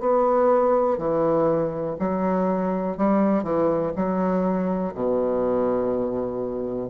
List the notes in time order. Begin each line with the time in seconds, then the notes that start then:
0.00 B3
0.98 E3
1.99 F#3
2.97 G3
3.43 E3
3.96 F#3
4.94 B2